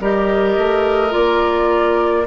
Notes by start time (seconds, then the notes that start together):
0.00 G3 G4 A#4 D#5
0.57 A3
1.10 A#3 F4 D5